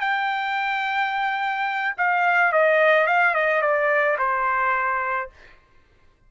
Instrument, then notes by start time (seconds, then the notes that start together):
trumpet
0.00 G5
1.97 F5
2.52 D#5
3.06 F5
3.34 D#5
3.61 D5
4.18 C5